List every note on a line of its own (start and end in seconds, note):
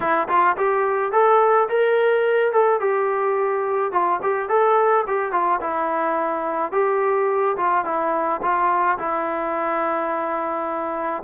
0.00 0.28 E4
0.28 0.56 F4
0.56 1.12 G4
1.12 1.68 A4
1.68 2.52 A#4
2.52 2.80 A4
2.80 3.92 G4
3.92 4.20 F4
4.22 4.48 G4
4.48 5.04 A4
5.07 5.31 G4
5.31 5.59 F4
5.60 6.72 E4
6.72 7.56 G4
7.56 7.85 F4
7.85 8.41 E4
8.42 8.98 F4
8.98 11.22 E4